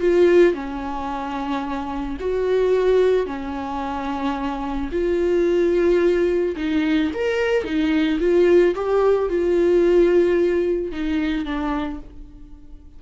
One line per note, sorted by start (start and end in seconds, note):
0.00 0.54 F4
0.54 2.17 C#4
2.20 3.26 F#4
3.26 4.90 C#4
4.92 6.55 F4
6.56 7.11 D#4
7.14 7.64 A#4
7.64 8.19 D#4
8.20 8.74 F4
8.75 9.29 G4
9.29 10.92 F4
10.92 11.45 D#4
11.45 11.99 D4